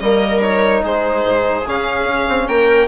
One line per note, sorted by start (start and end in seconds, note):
0.00 0.83 G3
0.00 0.41 A#3
0.00 0.83 A#4
0.00 0.41 D#5
0.41 1.64 D#4
0.41 0.83 C#5
0.83 1.24 G#3
0.83 2.47 G#4
0.83 1.68 C5
1.24 1.65 G#2
1.67 2.05 C#3
1.67 2.88 C#4
1.67 2.48 F5
2.05 2.26 C#4
2.29 2.48 C4
2.48 2.88 A#3
2.48 2.88 A#4
2.48 2.88 G5